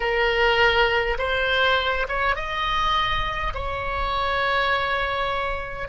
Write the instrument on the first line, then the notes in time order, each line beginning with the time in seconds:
oboe
0.00 A#4
1.18 C5
2.08 C#5
2.35 D#5
3.54 C#5